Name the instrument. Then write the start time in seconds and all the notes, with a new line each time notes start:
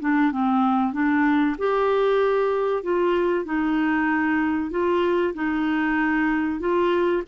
clarinet
0.00 D4
0.32 C4
0.93 D4
1.58 G4
2.82 F4
3.45 D#4
4.71 F4
5.34 D#4
6.59 F4